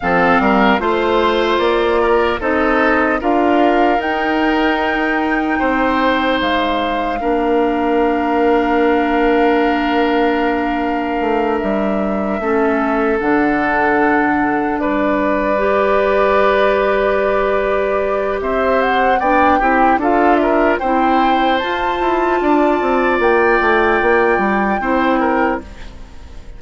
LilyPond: <<
  \new Staff \with { instrumentName = "flute" } { \time 4/4 \tempo 4 = 75 f''4 c''4 d''4 dis''4 | f''4 g''2. | f''1~ | f''2~ f''8 e''4.~ |
e''8 fis''2 d''4.~ | d''2. e''8 fis''8 | g''4 f''8 e''8 g''4 a''4~ | a''4 g''2. | }
  \new Staff \with { instrumentName = "oboe" } { \time 4/4 a'8 ais'8 c''4. ais'8 a'4 | ais'2. c''4~ | c''4 ais'2.~ | ais'2.~ ais'8 a'8~ |
a'2~ a'8 b'4.~ | b'2. c''4 | d''8 g'8 a'8 ais'8 c''2 | d''2. c''8 ais'8 | }
  \new Staff \with { instrumentName = "clarinet" } { \time 4/4 c'4 f'2 dis'4 | f'4 dis'2.~ | dis'4 d'2.~ | d'2.~ d'8 cis'8~ |
cis'8 d'2. g'8~ | g'1 | d'8 e'8 f'4 e'4 f'4~ | f'2. e'4 | }
  \new Staff \with { instrumentName = "bassoon" } { \time 4/4 f8 g8 a4 ais4 c'4 | d'4 dis'2 c'4 | gis4 ais2.~ | ais2 a8 g4 a8~ |
a8 d2 g4.~ | g2. c'4 | b8 c'8 d'4 c'4 f'8 e'8 | d'8 c'8 ais8 a8 ais8 g8 c'4 | }
>>